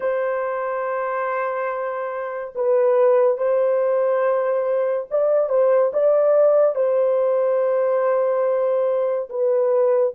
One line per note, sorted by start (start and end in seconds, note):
0.00 2.53 C5
2.55 3.37 B4
3.37 5.06 C5
5.10 5.49 D5
5.49 5.91 C5
5.93 6.75 D5
6.75 9.28 C5
9.29 10.14 B4